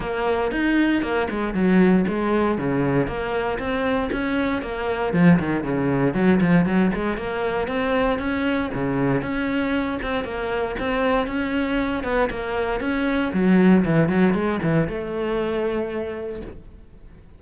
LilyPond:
\new Staff \with { instrumentName = "cello" } { \time 4/4 \tempo 4 = 117 ais4 dis'4 ais8 gis8 fis4 | gis4 cis4 ais4 c'4 | cis'4 ais4 f8 dis8 cis4 | fis8 f8 fis8 gis8 ais4 c'4 |
cis'4 cis4 cis'4. c'8 | ais4 c'4 cis'4. b8 | ais4 cis'4 fis4 e8 fis8 | gis8 e8 a2. | }